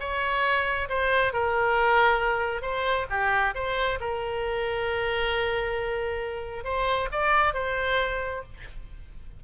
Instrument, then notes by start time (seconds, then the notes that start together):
oboe
0.00 C#5
0.89 C5
1.33 A#4
2.62 C5
3.10 G4
3.55 C5
4.00 A#4
6.64 C5
7.12 D5
7.54 C5